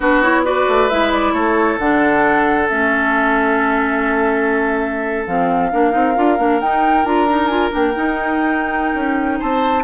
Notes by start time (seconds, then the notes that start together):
0.00 B3 D4 F#4 B4
0.22 E4 C#5
0.44 F#4 B4 D5
0.68 A3
0.89 G#3 E4 E5
1.12 D5
1.32 A3 A4 C#5
1.78 D3 D4 F#5
2.68 A3 C#4 E5
5.26 F3 C4 F5
5.71 A#3 D4 A#4
5.90 C4 D#4
6.15 D4 F4
6.37 A#3 D4
6.60 D#4 G5
7.04 D4 F4 A#5
7.28 D#4
7.46 F4 G#5
7.70 A#3 D4 G5
7.95 D#4
8.94 C#4
9.39 C4 C5 A5